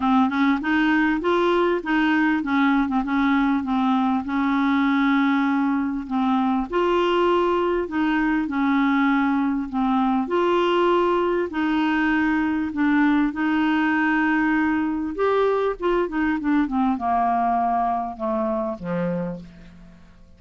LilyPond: \new Staff \with { instrumentName = "clarinet" } { \time 4/4 \tempo 4 = 99 c'8 cis'8 dis'4 f'4 dis'4 | cis'8. c'16 cis'4 c'4 cis'4~ | cis'2 c'4 f'4~ | f'4 dis'4 cis'2 |
c'4 f'2 dis'4~ | dis'4 d'4 dis'2~ | dis'4 g'4 f'8 dis'8 d'8 c'8 | ais2 a4 f4 | }